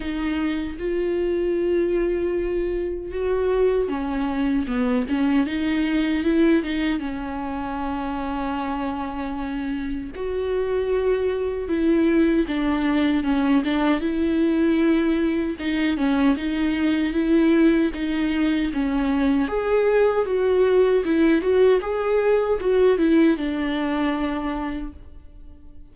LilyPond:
\new Staff \with { instrumentName = "viola" } { \time 4/4 \tempo 4 = 77 dis'4 f'2. | fis'4 cis'4 b8 cis'8 dis'4 | e'8 dis'8 cis'2.~ | cis'4 fis'2 e'4 |
d'4 cis'8 d'8 e'2 | dis'8 cis'8 dis'4 e'4 dis'4 | cis'4 gis'4 fis'4 e'8 fis'8 | gis'4 fis'8 e'8 d'2 | }